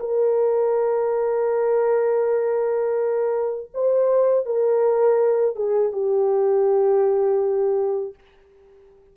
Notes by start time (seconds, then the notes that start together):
0.00 A#4
3.74 C5
4.46 A#4
5.56 G#4
5.93 G4